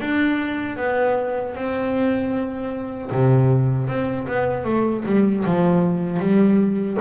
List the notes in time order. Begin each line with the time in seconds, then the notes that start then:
0.00 D4
0.77 B3
1.54 C4
3.11 C3
3.87 C4
4.27 B3
4.64 A3
5.05 G3
5.45 F3
6.19 G3